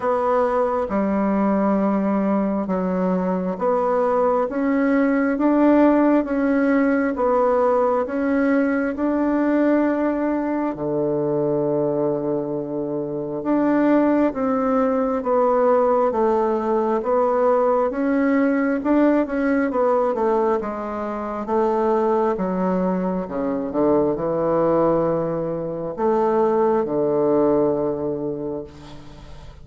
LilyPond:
\new Staff \with { instrumentName = "bassoon" } { \time 4/4 \tempo 4 = 67 b4 g2 fis4 | b4 cis'4 d'4 cis'4 | b4 cis'4 d'2 | d2. d'4 |
c'4 b4 a4 b4 | cis'4 d'8 cis'8 b8 a8 gis4 | a4 fis4 cis8 d8 e4~ | e4 a4 d2 | }